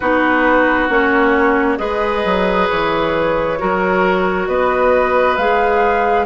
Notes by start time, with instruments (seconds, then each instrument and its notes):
0.00 bassoon B3, clarinet D#4, oboe F#4, flute B4
0.89 bassoon A#3, clarinet C#4, flute C#5
1.77 bassoon G#3, clarinet G#4, oboe B4, flute D#5
2.24 bassoon F#3
2.69 bassoon E3, flute C#5
3.59 bassoon F#3, clarinet F#4, oboe A#4
4.47 bassoon B3, oboe B4, flute D#5
5.36 bassoon G#3, clarinet G#4, flute F5